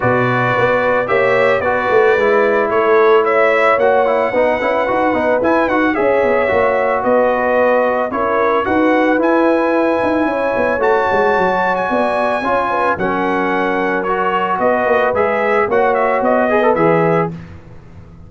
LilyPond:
<<
  \new Staff \with { instrumentName = "trumpet" } { \time 4/4 \tempo 4 = 111 d''2 e''4 d''4~ | d''4 cis''4 e''4 fis''4~ | fis''2 gis''8 fis''8 e''4~ | e''4 dis''2 cis''4 |
fis''4 gis''2. | a''4.~ a''16 gis''2~ gis''16 | fis''2 cis''4 dis''4 | e''4 fis''8 e''8 dis''4 e''4 | }
  \new Staff \with { instrumentName = "horn" } { \time 4/4 b'2 cis''4 b'4~ | b'4 a'4 cis''2 | b'2. cis''4~ | cis''4 b'2 ais'4 |
b'2. cis''4~ | cis''2 d''4 cis''8 b'8 | ais'2. b'4~ | b'4 cis''4. b'4. | }
  \new Staff \with { instrumentName = "trombone" } { \time 4/4 fis'2 g'4 fis'4 | e'2. fis'8 e'8 | dis'8 e'8 fis'8 dis'8 e'8 fis'8 gis'4 | fis'2. e'4 |
fis'4 e'2. | fis'2. f'4 | cis'2 fis'2 | gis'4 fis'4. gis'16 a'16 gis'4 | }
  \new Staff \with { instrumentName = "tuba" } { \time 4/4 b,4 b4 ais4 b8 a8 | gis4 a2 ais4 | b8 cis'8 dis'8 b8 e'8 dis'8 cis'8 b8 | ais4 b2 cis'4 |
dis'4 e'4. dis'8 cis'8 b8 | a8 gis8 fis4 b4 cis'4 | fis2. b8 ais8 | gis4 ais4 b4 e4 | }
>>